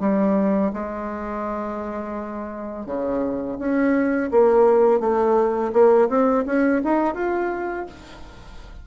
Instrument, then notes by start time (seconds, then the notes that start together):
bassoon
0.00 G3
0.73 G#3
2.86 C#3
3.59 C#4
4.31 A#3
5.00 A3
5.73 A#3
6.08 C4
6.46 C#4
6.84 D#4
7.14 F4